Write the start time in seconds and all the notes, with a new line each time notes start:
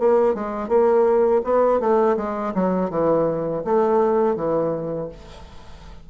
0.00 A#3
0.35 G#3
0.69 A#3
1.44 B3
1.80 A3
2.17 G#3
2.54 F#3
2.91 E3
3.65 A3
4.36 E3